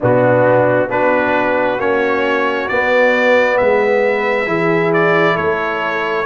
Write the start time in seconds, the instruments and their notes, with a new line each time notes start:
0.00 tuba B2, trombone B3, horn D4, trumpet F#4
0.88 tuba B3, trombone D4, horn F#4, trumpet B4
1.79 tuba A#3, trombone C#4, trumpet C#5
2.68 trombone B3, tuba B3, trumpet D5
3.57 tuba G#3, horn B4, trumpet E5
4.46 tuba E3, trombone E4, horn G#4
4.93 trumpet D5
5.34 tuba A3, horn A4, trumpet C#5